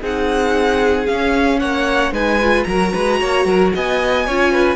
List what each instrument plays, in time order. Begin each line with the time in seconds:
0.00 cello C4, viola D#4, violin G#4 F#5
1.06 viola C#4, cello C#4, violin F5
1.59 cello A#3, violin C#5 F#5
2.11 cello G#3, viola D#4, violin B4 G#5
2.41 viola F4
2.64 cello F#3, viola F#4, violin A#4 A#5
2.93 cello G#3, violin B4
3.20 cello A#3, violin C#5
3.45 cello F#3, violin A#4
3.75 cello B3, violin D#5 G#5
4.26 cello C#4, viola F4, violin C#5
4.52 violin B4